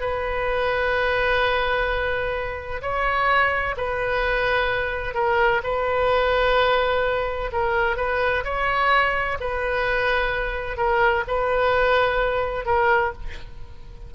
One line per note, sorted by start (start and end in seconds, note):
0.00 2.81 B4
2.82 3.75 C#5
3.77 5.14 B4
5.14 5.61 A#4
5.63 7.51 B4
7.52 7.97 A#4
7.97 8.44 B4
8.44 9.38 C#5
9.40 10.77 B4
10.77 11.24 A#4
11.27 12.66 B4
12.66 13.12 A#4